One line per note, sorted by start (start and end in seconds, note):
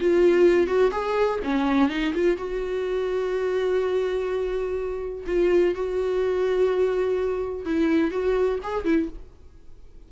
0.00 0.67 F4
0.67 0.91 F#4
0.91 1.39 G#4
1.44 1.89 C#4
1.89 2.13 D#4
2.14 2.37 F4
2.37 5.25 F#4
5.26 5.74 F4
5.74 7.65 F#4
7.65 8.11 E4
8.11 8.59 F#4
8.63 8.84 G#4
8.84 9.08 E4